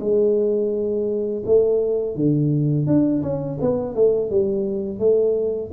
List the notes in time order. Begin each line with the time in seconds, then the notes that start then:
0.00 G#3
1.45 A3
2.15 D3
2.86 D4
3.22 C#4
3.61 B3
3.94 A3
4.30 G3
4.99 A3